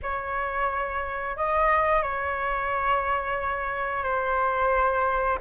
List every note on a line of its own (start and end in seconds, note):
0.02 1.36 C#5
1.36 2.02 D#5
2.02 4.03 C#5
4.03 5.38 C5